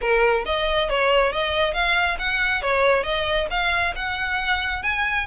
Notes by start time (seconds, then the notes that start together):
0.01 A#4
0.45 D#5
0.89 C#5
1.32 D#5
1.73 F5
2.18 F#5
2.62 C#5
3.03 D#5
3.50 F5
3.95 F#5
4.83 G#5